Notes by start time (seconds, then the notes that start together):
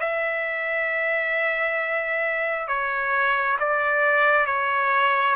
0.00 E5
2.68 C#5
3.60 D5
4.47 C#5